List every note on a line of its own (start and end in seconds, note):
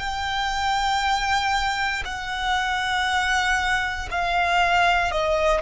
0.00 2.03 G5
2.06 4.09 F#5
4.11 5.12 F5
5.12 5.62 D#5